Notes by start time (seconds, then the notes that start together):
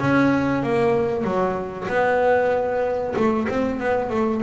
0.00 C#4
0.63 A#3
1.24 F#3
1.88 B3
3.16 A3
3.49 C4
3.80 B3
4.10 A3